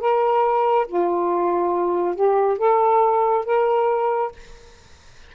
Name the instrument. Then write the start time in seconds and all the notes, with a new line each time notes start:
saxophone
0.00 A#4
0.87 F4
2.15 G4
2.58 A4
3.45 A#4